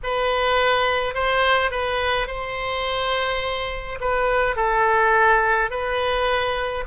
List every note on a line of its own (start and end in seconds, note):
0.03 1.14 B4
1.14 1.70 C5
1.70 2.27 B4
2.27 3.98 C5
4.00 4.56 B4
4.56 5.70 A4
5.70 6.84 B4